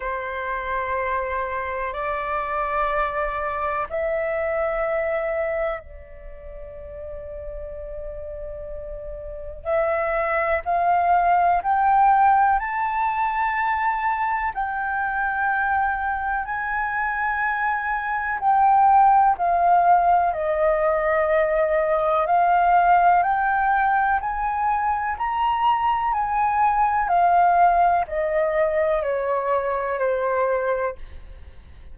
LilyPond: \new Staff \with { instrumentName = "flute" } { \time 4/4 \tempo 4 = 62 c''2 d''2 | e''2 d''2~ | d''2 e''4 f''4 | g''4 a''2 g''4~ |
g''4 gis''2 g''4 | f''4 dis''2 f''4 | g''4 gis''4 ais''4 gis''4 | f''4 dis''4 cis''4 c''4 | }